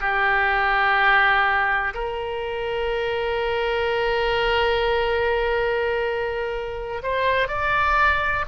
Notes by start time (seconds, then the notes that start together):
0.00 G4
1.94 A#4
7.02 C5
7.48 D5